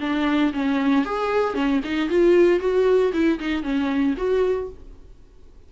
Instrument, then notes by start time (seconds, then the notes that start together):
viola
0.00 D4
0.53 C#4
1.05 G#4
1.54 C#4
1.84 D#4
2.09 F4
2.60 F#4
3.13 E4
3.39 D#4
3.63 C#4
4.16 F#4